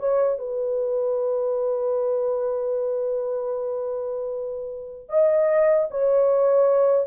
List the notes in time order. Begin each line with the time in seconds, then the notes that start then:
0.00 C#5
0.39 B4
5.10 D#5
5.91 C#5